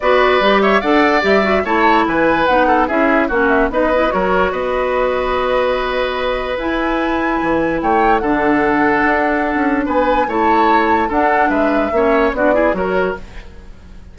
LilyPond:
<<
  \new Staff \with { instrumentName = "flute" } { \time 4/4 \tempo 4 = 146 d''4. e''8 fis''4 e''4 | a''4 gis''4 fis''4 e''4 | fis''8 e''8 dis''4 cis''4 dis''4~ | dis''1 |
gis''2. g''4 | fis''1 | gis''4 a''2 fis''4 | e''2 d''4 cis''4 | }
  \new Staff \with { instrumentName = "oboe" } { \time 4/4 b'4. cis''8 d''2 | cis''4 b'4. a'8 gis'4 | fis'4 b'4 ais'4 b'4~ | b'1~ |
b'2. cis''4 | a'1 | b'4 cis''2 a'4 | b'4 cis''4 fis'8 gis'8 ais'4 | }
  \new Staff \with { instrumentName = "clarinet" } { \time 4/4 fis'4 g'4 a'4 g'8 fis'8 | e'2 dis'4 e'4 | cis'4 dis'8 e'8 fis'2~ | fis'1 |
e'1 | d'1~ | d'4 e'2 d'4~ | d'4 cis'4 d'8 e'8 fis'4 | }
  \new Staff \with { instrumentName = "bassoon" } { \time 4/4 b4 g4 d'4 g4 | a4 e4 b4 cis'4 | ais4 b4 fis4 b4~ | b1 |
e'2 e4 a4 | d2 d'4~ d'16 cis'8. | b4 a2 d'4 | gis4 ais4 b4 fis4 | }
>>